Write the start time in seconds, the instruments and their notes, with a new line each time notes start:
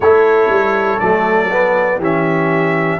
0.00 tuba A3, trombone E4, horn A4, trumpet C#5
0.48 tuba G3
0.99 tuba F#3, trombone A3, trumpet D5
1.50 trombone B3
1.98 tuba E3, trombone C#4, horn G4
2.04 trumpet E5